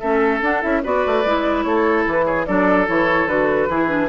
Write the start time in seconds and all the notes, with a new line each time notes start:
0.00 A3 C#4 A4 E5
0.42 D4 F#5
0.62 C#4 E4 E5
0.84 B3 F#4 B4 D5
1.06 A3
1.25 G#3 E4
1.63 A3 A4 C#5
2.07 E3 B4
2.26 G#4 C#5
2.47 F#3 D4 A4 D5
2.87 E3 E4 C#5
3.27 D3 F#4 B4
3.69 E3 E4 G#4
3.88 D4